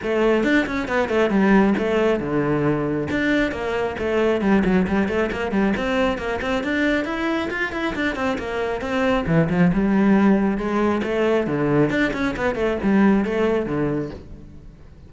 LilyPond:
\new Staff \with { instrumentName = "cello" } { \time 4/4 \tempo 4 = 136 a4 d'8 cis'8 b8 a8 g4 | a4 d2 d'4 | ais4 a4 g8 fis8 g8 a8 | ais8 g8 c'4 ais8 c'8 d'4 |
e'4 f'8 e'8 d'8 c'8 ais4 | c'4 e8 f8 g2 | gis4 a4 d4 d'8 cis'8 | b8 a8 g4 a4 d4 | }